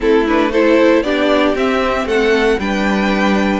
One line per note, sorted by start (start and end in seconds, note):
0.00 1.02 A3
0.00 0.26 C4
0.00 0.51 E4
0.00 0.27 A4
0.27 0.53 D4
0.27 0.51 B4
0.51 1.04 E4
0.51 1.03 A4
0.51 1.02 C5
1.02 1.54 B3
1.02 1.55 D4
1.02 2.07 G4
1.02 1.54 D5
1.55 2.05 C4
1.55 2.58 C4
1.55 2.07 E5
2.05 2.57 A3
2.05 2.58 A4
2.05 2.59 F#5
2.59 3.60 G3
2.59 3.60 D4
2.59 3.60 B4
2.59 3.60 G5